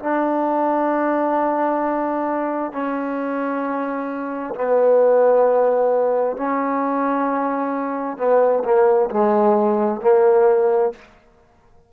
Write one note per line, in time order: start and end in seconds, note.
0.00 2.73 D4
2.73 4.55 C#4
4.55 6.37 B3
6.37 8.18 C#4
8.18 8.63 B3
8.64 9.10 A#3
9.10 10.01 G#3
10.02 10.93 A#3